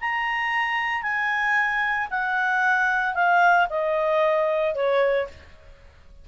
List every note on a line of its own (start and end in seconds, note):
0.00 1.02 A#5
1.02 2.08 G#5
2.10 3.14 F#5
3.14 3.67 F5
3.69 4.75 D#5
4.75 5.27 C#5